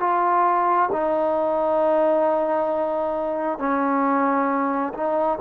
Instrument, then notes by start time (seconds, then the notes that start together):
trombone
0.00 F4
0.92 D#4
3.59 C#4
4.94 D#4